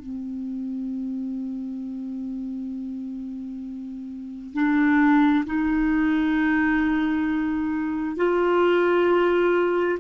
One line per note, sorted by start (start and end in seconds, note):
0.00 4.54 C4
4.54 5.45 D4
5.46 8.17 D#4
8.17 9.99 F4